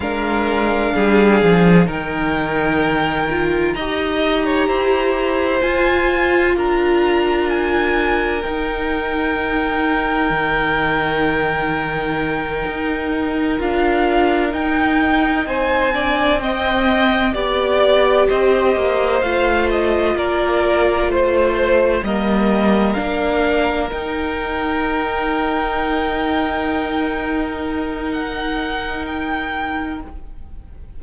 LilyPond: <<
  \new Staff \with { instrumentName = "violin" } { \time 4/4 \tempo 4 = 64 f''2 g''2 | ais''2 gis''4 ais''4 | gis''4 g''2.~ | g''2~ g''8 f''4 g''8~ |
g''8 gis''4 g''4 d''4 dis''8~ | dis''8 f''8 dis''8 d''4 c''4 dis''8~ | dis''8 f''4 g''2~ g''8~ | g''2 fis''4 g''4 | }
  \new Staff \with { instrumentName = "violin" } { \time 4/4 ais'4 gis'4 ais'2 | dis''8. cis''16 c''2 ais'4~ | ais'1~ | ais'1~ |
ais'8 c''8 d''8 dis''4 d''4 c''8~ | c''4. ais'4 c''4 ais'8~ | ais'1~ | ais'1 | }
  \new Staff \with { instrumentName = "viola" } { \time 4/4 d'2 dis'4. f'8 | g'2 f'2~ | f'4 dis'2.~ | dis'2~ dis'8 f'4 dis'8~ |
dis'4 d'8 c'4 g'4.~ | g'8 f'2. ais8~ | ais8 d'4 dis'2~ dis'8~ | dis'1 | }
  \new Staff \with { instrumentName = "cello" } { \time 4/4 gis4 g8 f8 dis2 | dis'4 e'4 f'4 d'4~ | d'4 dis'2 dis4~ | dis4. dis'4 d'4 dis'8~ |
dis'8 c'2 b4 c'8 | ais8 a4 ais4 a4 g8~ | g8 ais4 dis'2~ dis'8~ | dis'1 | }
>>